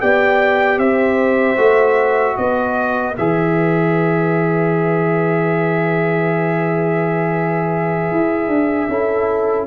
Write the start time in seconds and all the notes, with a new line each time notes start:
0.00 B3 G4 D5 G5
0.78 C4 C5 E5
1.57 A3 F#4
2.37 B3 B4 D#5
3.18 E3 G#4 E5
8.11 E4
8.48 D4
8.89 C#4 E4 A4